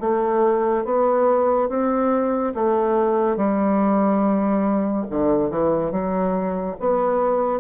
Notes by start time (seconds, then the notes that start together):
0.00 A3
0.85 B3
1.69 C4
2.54 A3
3.36 G3
5.10 D3
5.50 E3
5.92 F#3
6.80 B3